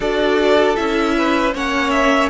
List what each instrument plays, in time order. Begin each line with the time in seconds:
0.00 cello D4, viola F#4, violin A4 D5
0.76 cello C#4, viola E4, violin E5
1.17 violin B4
1.54 cello A#3, viola C#4, violin C#5 F#5
1.90 violin E5